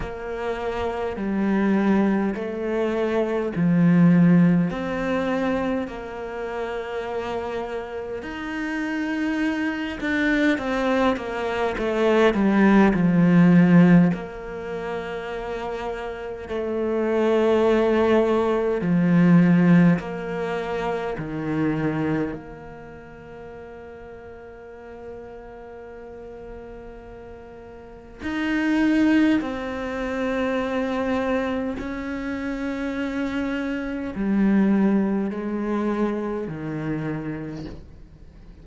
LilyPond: \new Staff \with { instrumentName = "cello" } { \time 4/4 \tempo 4 = 51 ais4 g4 a4 f4 | c'4 ais2 dis'4~ | dis'8 d'8 c'8 ais8 a8 g8 f4 | ais2 a2 |
f4 ais4 dis4 ais4~ | ais1 | dis'4 c'2 cis'4~ | cis'4 g4 gis4 dis4 | }